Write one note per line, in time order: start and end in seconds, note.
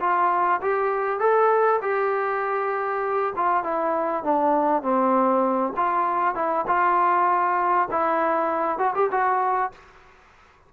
0.00 0.61 F4
0.62 1.20 G4
1.20 1.80 A4
1.82 3.33 G4
3.36 3.64 F4
3.64 4.24 E4
4.24 4.82 D4
4.82 5.73 C4
5.77 6.35 F4
6.35 6.66 E4
6.67 7.89 F4
7.91 8.79 E4
8.79 8.94 F#4
8.95 9.10 G4
9.11 9.72 F#4